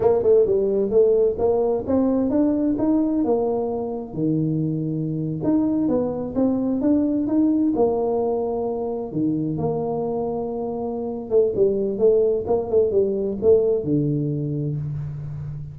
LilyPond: \new Staff \with { instrumentName = "tuba" } { \time 4/4 \tempo 4 = 130 ais8 a8 g4 a4 ais4 | c'4 d'4 dis'4 ais4~ | ais4 dis2~ dis8. dis'16~ | dis'8. b4 c'4 d'4 dis'16~ |
dis'8. ais2. dis16~ | dis8. ais2.~ ais16~ | ais8 a8 g4 a4 ais8 a8 | g4 a4 d2 | }